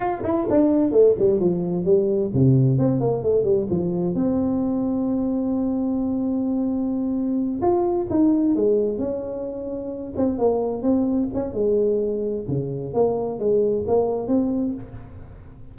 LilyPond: \new Staff \with { instrumentName = "tuba" } { \time 4/4 \tempo 4 = 130 f'8 e'8 d'4 a8 g8 f4 | g4 c4 c'8 ais8 a8 g8 | f4 c'2.~ | c'1~ |
c'8 f'4 dis'4 gis4 cis'8~ | cis'2 c'8 ais4 c'8~ | c'8 cis'8 gis2 cis4 | ais4 gis4 ais4 c'4 | }